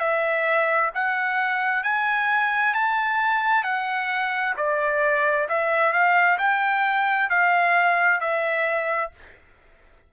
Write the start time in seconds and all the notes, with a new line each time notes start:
0.00 E5
0.95 F#5
1.83 G#5
2.74 A5
3.64 F#5
4.57 D5
5.49 E5
5.93 F5
6.39 G5
7.30 F5
8.21 E5